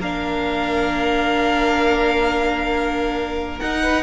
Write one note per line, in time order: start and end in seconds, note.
0.00 3.61 A#3
0.00 3.62 D4
0.00 3.83 A#4
0.00 3.59 F5
3.59 4.03 D#4
3.59 4.03 F#5
3.83 4.03 B4